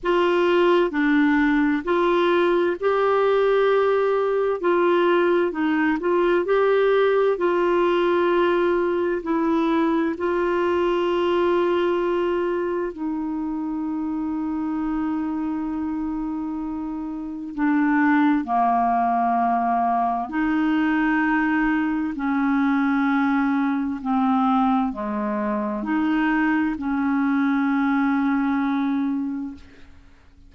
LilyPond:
\new Staff \with { instrumentName = "clarinet" } { \time 4/4 \tempo 4 = 65 f'4 d'4 f'4 g'4~ | g'4 f'4 dis'8 f'8 g'4 | f'2 e'4 f'4~ | f'2 dis'2~ |
dis'2. d'4 | ais2 dis'2 | cis'2 c'4 gis4 | dis'4 cis'2. | }